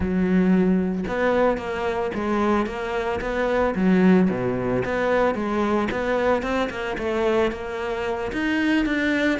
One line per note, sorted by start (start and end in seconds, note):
0.00 1.04 F#3
1.08 1.57 B3
1.57 2.11 A#3
2.14 2.66 G#3
2.66 3.20 A#3
3.20 3.74 B3
3.75 4.28 F#3
4.30 4.83 B2
4.84 5.34 B3
5.34 5.88 G#3
5.91 6.42 B3
6.42 6.69 C4
6.70 6.96 A#3
6.98 7.51 A3
7.51 8.32 A#3
8.32 8.85 D#4
8.85 9.39 D4